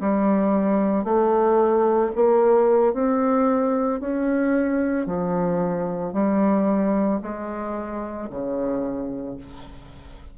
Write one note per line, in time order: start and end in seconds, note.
0.00 1.04 G3
1.04 2.11 A3
2.15 2.94 A#3
2.94 4.00 C4
4.00 5.06 C#4
5.06 6.13 F3
6.13 7.20 G3
7.22 8.29 G#3
8.30 9.37 C#3